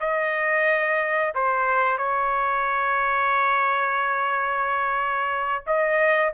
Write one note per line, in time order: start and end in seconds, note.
0.00 1.33 D#5
1.34 1.98 C5
1.98 5.64 C#5
5.66 6.33 D#5